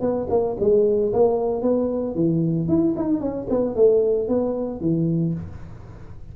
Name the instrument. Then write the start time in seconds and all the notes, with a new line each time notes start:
tuba
0.00 B3
0.29 A#3
0.59 G#3
1.12 A#3
1.61 B3
2.15 E3
2.68 E4
2.96 D#4
3.20 C#4
3.49 B3
3.75 A3
4.28 B3
4.80 E3